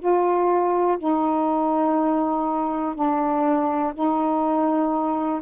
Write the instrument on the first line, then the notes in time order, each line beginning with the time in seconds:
saxophone
0.00 F4
0.99 D#4
2.96 D4
3.94 D#4